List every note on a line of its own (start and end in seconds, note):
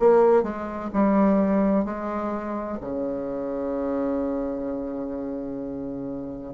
0.00 0.43 A#3
0.43 0.90 G#3
0.93 1.85 G3
1.85 2.79 G#3
2.81 6.54 C#3